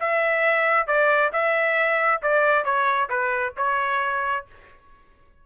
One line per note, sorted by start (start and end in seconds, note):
0.00 0.87 E5
0.87 1.32 D5
1.33 2.22 E5
2.23 2.65 D5
2.65 3.09 C#5
3.10 3.54 B4
3.57 4.46 C#5